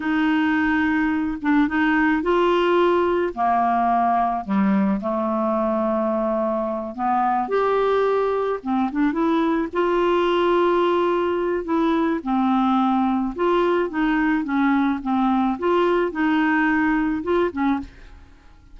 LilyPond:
\new Staff \with { instrumentName = "clarinet" } { \time 4/4 \tempo 4 = 108 dis'2~ dis'8 d'8 dis'4 | f'2 ais2 | g4 a2.~ | a8 b4 g'2 c'8 |
d'8 e'4 f'2~ f'8~ | f'4 e'4 c'2 | f'4 dis'4 cis'4 c'4 | f'4 dis'2 f'8 cis'8 | }